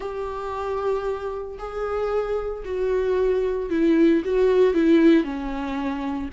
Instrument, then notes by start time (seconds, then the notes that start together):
viola
0.00 G4
1.58 G#4
2.65 F#4
3.70 E4
4.25 F#4
4.74 E4
5.24 C#4